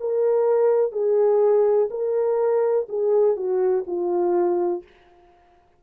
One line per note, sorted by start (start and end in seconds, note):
0.00 0.92 A#4
0.92 1.89 G#4
1.90 2.87 A#4
2.89 3.36 G#4
3.36 3.84 F#4
3.87 4.83 F4